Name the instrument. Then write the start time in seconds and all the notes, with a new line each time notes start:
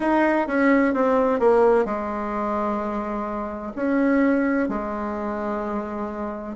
bassoon
0.00 D#4
0.47 C#4
0.94 C4
1.39 A#3
1.85 G#3
3.75 C#4
4.68 G#3